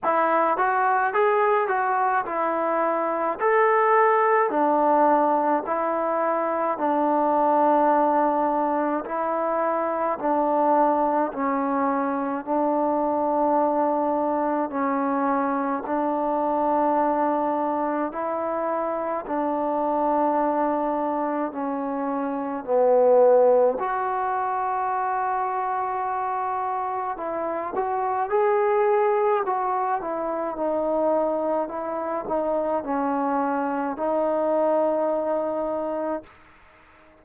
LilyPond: \new Staff \with { instrumentName = "trombone" } { \time 4/4 \tempo 4 = 53 e'8 fis'8 gis'8 fis'8 e'4 a'4 | d'4 e'4 d'2 | e'4 d'4 cis'4 d'4~ | d'4 cis'4 d'2 |
e'4 d'2 cis'4 | b4 fis'2. | e'8 fis'8 gis'4 fis'8 e'8 dis'4 | e'8 dis'8 cis'4 dis'2 | }